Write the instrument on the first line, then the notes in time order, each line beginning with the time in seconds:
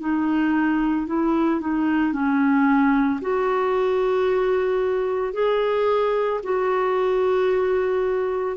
clarinet
0.00 D#4
1.07 E4
1.61 D#4
2.13 C#4
3.21 F#4
5.33 G#4
6.43 F#4